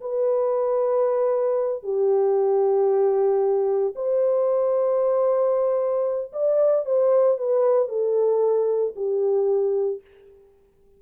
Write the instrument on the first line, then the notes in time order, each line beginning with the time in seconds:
horn
0.00 B4
1.83 G4
3.95 C5
6.32 D5
6.85 C5
7.37 B4
7.88 A4
8.95 G4